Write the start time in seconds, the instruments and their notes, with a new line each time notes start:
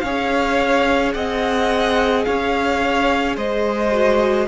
0.00 cello C#4, viola G#4, violin C#5 F5
1.14 cello C4, violin D#5 F#5
2.25 cello C#4, violin C#5 F5
3.36 cello G#3, violin C5 D#5
3.91 viola F#4